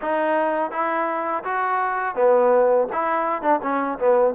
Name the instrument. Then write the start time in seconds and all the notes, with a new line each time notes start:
trombone
0.01 D#4
0.71 E4
1.44 F#4
2.15 B3
2.92 E4
3.41 D4
3.62 C#4
3.98 B3